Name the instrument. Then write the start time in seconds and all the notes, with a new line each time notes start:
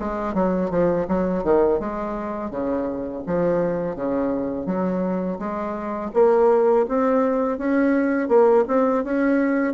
bassoon
0.00 G#3
0.35 F#3
0.71 F3
1.08 F#3
1.44 D#3
1.80 G#3
2.51 C#3
3.27 F3
3.96 C#3
4.67 F#3
5.39 G#3
6.14 A#3
6.89 C4
7.58 C#4
8.29 A#3
8.68 C4
9.04 C#4